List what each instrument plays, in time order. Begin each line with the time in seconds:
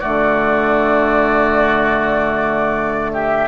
0.00 bassoon D3, clarinet A3, oboe F#4, flute D5
3.13 oboe G4, flute E5